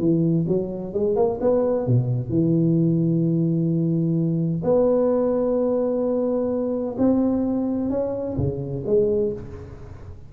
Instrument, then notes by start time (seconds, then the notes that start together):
tuba
0.00 E3
0.49 F#3
0.94 G#3
1.16 A#3
1.41 B3
1.88 B2
2.30 E3
4.64 B3
6.99 C4
7.90 C#4
8.38 C#3
8.86 G#3